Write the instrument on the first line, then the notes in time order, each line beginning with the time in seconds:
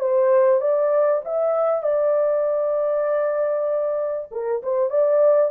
horn
0.00 C5
0.61 D5
1.25 E5
1.83 D5
4.31 A#4
4.63 C5
4.90 D5